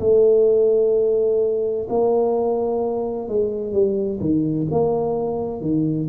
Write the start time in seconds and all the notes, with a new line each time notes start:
0.00 A3
1.90 A#3
3.29 G#3
3.73 G3
4.21 D#3
4.71 A#3
5.61 D#3